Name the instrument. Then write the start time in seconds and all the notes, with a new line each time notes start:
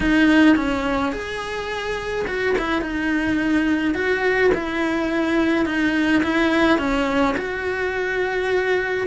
cello
0.00 D#4
0.56 C#4
1.12 G#4
2.27 F#4
2.58 E4
2.81 D#4
3.94 F#4
4.54 E4
5.65 D#4
6.23 E4
6.78 C#4
7.37 F#4